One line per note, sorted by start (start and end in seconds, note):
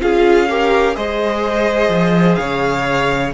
0.00 0.97 C#4
0.00 0.48 F4
0.00 0.50 G#4
0.00 0.96 F5
0.50 0.94 G4
0.50 0.96 A#4
0.94 1.89 G#3
0.94 3.33 G#4
0.94 2.38 C5
0.94 2.36 D#5
1.89 2.37 F3
2.36 3.34 C#3
2.36 3.34 C#5
2.36 3.31 F5